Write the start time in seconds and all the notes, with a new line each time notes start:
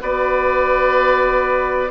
0.00 B3 F#4 B4 D5